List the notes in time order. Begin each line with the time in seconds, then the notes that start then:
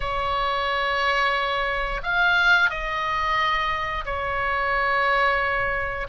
0.00 C#5
2.03 F5
2.70 D#5
4.04 C#5